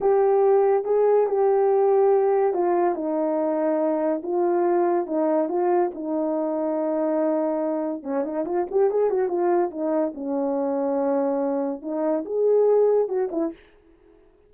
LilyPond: \new Staff \with { instrumentName = "horn" } { \time 4/4 \tempo 4 = 142 g'2 gis'4 g'4~ | g'2 f'4 dis'4~ | dis'2 f'2 | dis'4 f'4 dis'2~ |
dis'2. cis'8 dis'8 | f'8 g'8 gis'8 fis'8 f'4 dis'4 | cis'1 | dis'4 gis'2 fis'8 e'8 | }